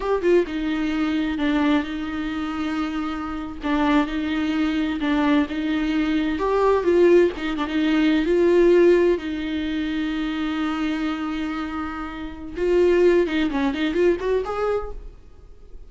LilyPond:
\new Staff \with { instrumentName = "viola" } { \time 4/4 \tempo 4 = 129 g'8 f'8 dis'2 d'4 | dis'2.~ dis'8. d'16~ | d'8. dis'2 d'4 dis'16~ | dis'4.~ dis'16 g'4 f'4 dis'16~ |
dis'16 d'16 dis'4~ dis'16 f'2 dis'16~ | dis'1~ | dis'2. f'4~ | f'8 dis'8 cis'8 dis'8 f'8 fis'8 gis'4 | }